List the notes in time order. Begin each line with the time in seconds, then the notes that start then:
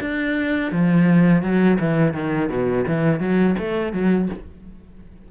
0.00 D4
0.71 F3
1.42 F#3
1.79 E3
2.13 D#3
2.49 B2
2.87 E3
3.20 F#3
3.58 A3
3.93 F#3